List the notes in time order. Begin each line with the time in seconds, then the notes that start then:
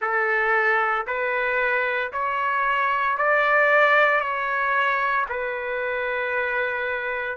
0.00 A4
1.06 B4
2.12 C#5
3.17 D5
4.20 C#5
5.29 B4